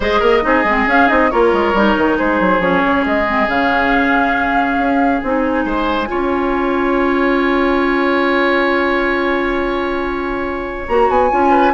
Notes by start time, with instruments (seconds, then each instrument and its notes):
0.00 bassoon G#3, clarinet G#4, oboe C5, flute D#5
0.19 bassoon A#3, oboe A#4
0.42 bassoon C4, clarinet D#4, oboe G#4
0.63 bassoon G#3, clarinet C4
0.86 bassoon C#4, clarinet C#4, flute F5
1.08 bassoon C4, clarinet D#4, flute D#5
1.30 bassoon A#3, clarinet F4, oboe A#4, flute C#5
1.52 bassoon G#3
1.73 bassoon G3, clarinet D#4
1.97 bassoon D#3
2.17 bassoon G#3, oboe G#4, flute C5
2.39 bassoon F#3
2.59 bassoon F3, clarinet C#4, flute C#5
2.85 bassoon C#3
3.05 bassoon G#3, flute D#5
3.26 clarinet C4
3.47 bassoon C#3, clarinet C#4, flute F5
4.77 bassoon C#4
5.21 bassoon C4, clarinet D#4, flute G#5
5.64 bassoon G#3, oboe C5
6.07 bassoon C#4, clarinet F4, oboe C#5
10.88 bassoon A#3, clarinet F#4, flute A#5
11.08 bassoon B3, flute G#5
11.30 bassoon C#4, clarinet F4
11.50 oboe B4